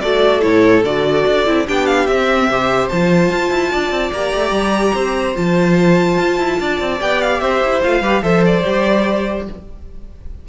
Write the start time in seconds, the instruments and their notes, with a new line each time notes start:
0.00 cello A3, viola F#4, violin A4 D5
0.41 cello A2, viola E4, violin C#5
0.83 cello D3, viola F#4, violin D5
1.26 cello D4
1.46 cello C4, viola E4
1.67 cello B3, viola D4, violin G4 G5
1.86 violin F5
2.06 cello C4, viola C4, violin E5
2.48 cello C3, viola G4, violin C5
2.88 cello F3, viola F4, violin A5
3.31 cello F4
3.50 cello E4
3.71 cello D4, violin D5
3.90 cello C4
4.12 cello A#3, viola G4, violin A#5
4.34 cello A3
4.50 cello G3
4.93 cello C4, violin C5
5.34 cello F3, viola F4, violin A5
6.19 cello F4
6.38 cello E4
6.60 cello D4, violin D5
6.80 cello C4
6.99 cello B3, viola G4, violin G5
7.21 violin F5
7.40 cello C4, violin C5 E5
7.63 cello E4
7.83 cello A3, viola F4, violin F5
8.00 cello G3, viola G4, violin B4
8.22 cello F3, viola A4, violin C5 E5
8.45 violin D5
8.64 cello G3, viola G4